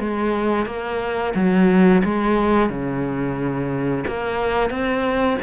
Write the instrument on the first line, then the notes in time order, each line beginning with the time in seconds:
cello
0.00 G#3
0.66 A#3
1.35 F#3
2.05 G#3
2.70 C#3
4.08 A#3
4.70 C4